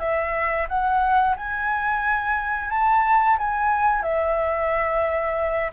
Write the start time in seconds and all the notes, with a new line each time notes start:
0.00 E5
0.69 F#5
1.37 G#5
2.70 A5
3.39 G#5
4.03 E5